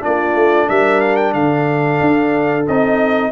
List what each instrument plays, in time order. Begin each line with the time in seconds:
0.00 tuba A#3, trombone D4, horn F4, trumpet D5
0.36 tuba A3
0.69 tuba G3, horn A#4, trumpet E5
1.01 trumpet F5
1.16 trumpet G5
1.34 tuba D3, horn A4, trumpet F5
2.01 tuba D4
2.68 tuba C4, trombone D#4, trumpet D#5